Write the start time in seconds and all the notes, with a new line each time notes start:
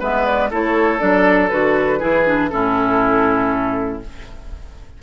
0.00 G#3 B3 B4 E5
0.26 D5
0.51 A3 E4 A4 C#5
0.99 F#3 D4 D5
1.50 D3 F#4 B4
2.00 E3 E4 G#4
2.26 D4
2.49 A2 C#4 E4 A4